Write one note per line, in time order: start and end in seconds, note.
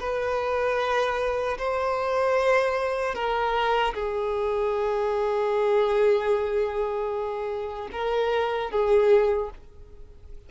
0.00 1.58 B4
1.59 3.15 C5
3.15 3.94 A#4
3.94 7.89 G#4
7.93 8.71 A#4
8.71 9.50 G#4